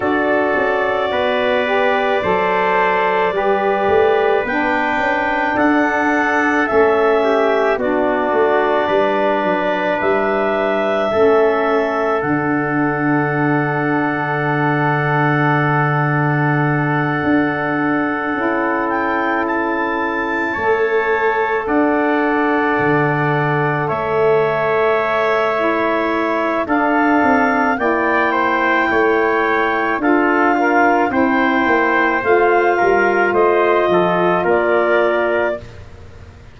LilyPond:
<<
  \new Staff \with { instrumentName = "clarinet" } { \time 4/4 \tempo 4 = 54 d''1 | g''4 fis''4 e''4 d''4~ | d''4 e''2 fis''4~ | fis''1~ |
fis''4 g''8 a''2 fis''8~ | fis''4. e''2~ e''8 | f''4 g''2 f''4 | g''4 f''4 dis''4 d''4 | }
  \new Staff \with { instrumentName = "trumpet" } { \time 4/4 a'4 b'4 c''4 b'4~ | b'4 a'4. g'8 fis'4 | b'2 a'2~ | a'1~ |
a'2~ a'8 cis''4 d''8~ | d''4. cis''2~ cis''8 | a'4 d''8 c''8 cis''4 a'8 f'8 | c''4. ais'8 c''8 a'8 ais'4 | }
  \new Staff \with { instrumentName = "saxophone" } { \time 4/4 fis'4. g'8 a'4 g'4 | d'2 cis'4 d'4~ | d'2 cis'4 d'4~ | d'1~ |
d'8 e'2 a'4.~ | a'2. e'4 | d'4 e'2 f'8 ais'8 | e'4 f'2. | }
  \new Staff \with { instrumentName = "tuba" } { \time 4/4 d'8 cis'8 b4 fis4 g8 a8 | b8 cis'8 d'4 a4 b8 a8 | g8 fis8 g4 a4 d4~ | d2.~ d8 d'8~ |
d'8 cis'2 a4 d'8~ | d'8 d4 a2~ a8 | d'8 c'8 ais4 a4 d'4 | c'8 ais8 a8 g8 a8 f8 ais4 | }
>>